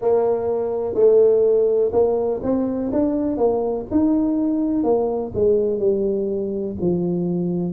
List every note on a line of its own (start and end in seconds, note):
0.00 0.94 A#3
0.94 1.91 A3
1.92 2.40 A#3
2.42 2.91 C4
2.92 3.37 D4
3.37 3.85 A#3
3.90 4.83 D#4
4.83 5.31 A#3
5.34 5.78 G#3
5.78 6.75 G3
6.80 7.73 F3